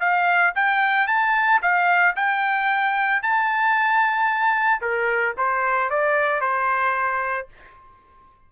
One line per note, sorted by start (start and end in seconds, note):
0.00 0.54 F5
0.55 1.07 G5
1.07 1.60 A5
1.62 2.16 F5
2.16 3.22 G5
3.22 4.81 A5
4.81 5.34 A#4
5.37 5.90 C5
5.90 6.40 D5
6.40 7.48 C5